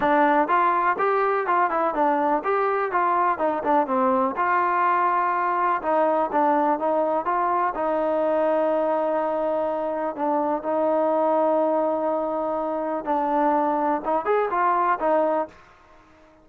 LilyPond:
\new Staff \with { instrumentName = "trombone" } { \time 4/4 \tempo 4 = 124 d'4 f'4 g'4 f'8 e'8 | d'4 g'4 f'4 dis'8 d'8 | c'4 f'2. | dis'4 d'4 dis'4 f'4 |
dis'1~ | dis'4 d'4 dis'2~ | dis'2. d'4~ | d'4 dis'8 gis'8 f'4 dis'4 | }